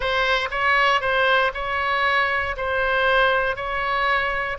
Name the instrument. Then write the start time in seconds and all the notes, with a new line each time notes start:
oboe
0.00 C5
0.50 C#5
1.00 C5
1.54 C#5
2.57 C5
3.56 C#5